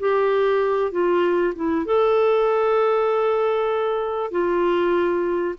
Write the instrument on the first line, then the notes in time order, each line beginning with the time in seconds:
clarinet
0.00 G4
0.92 F4
1.55 E4
1.86 A4
4.32 F4